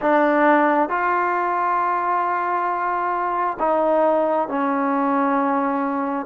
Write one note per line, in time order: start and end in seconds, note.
0.01 0.89 D4
0.89 3.57 F4
3.59 4.48 D#4
4.48 6.26 C#4